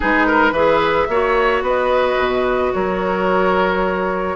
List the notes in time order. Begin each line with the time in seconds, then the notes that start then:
0.00 G#3 D#4 G#4 B4
0.27 A#4
0.51 E3 G#4 B4 E5
1.08 A#3 F#4 C#5
1.61 B3 B4 D#5
2.16 B2
2.73 F#3 A#4 C#5